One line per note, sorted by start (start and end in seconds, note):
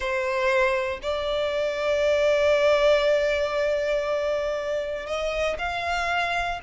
0.00 0.99 C5
1.02 5.06 D5
5.06 5.57 D#5
5.58 6.60 F5